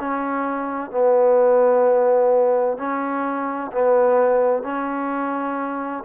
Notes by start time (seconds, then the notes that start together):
0.00 C#4
0.91 B3
2.78 C#4
3.72 B3
4.63 C#4